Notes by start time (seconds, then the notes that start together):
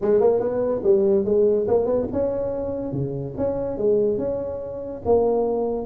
0.01 G#3
0.20 A#3
0.40 B3
0.83 G3
1.25 G#3
1.67 A#3
1.85 B3
2.12 C#4
2.92 C#3
3.37 C#4
3.77 G#3
4.18 C#4
5.05 A#3